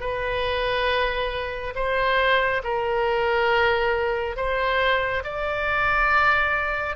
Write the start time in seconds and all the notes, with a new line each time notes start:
0.00 B4
1.75 C5
2.63 A#4
4.36 C5
5.24 D5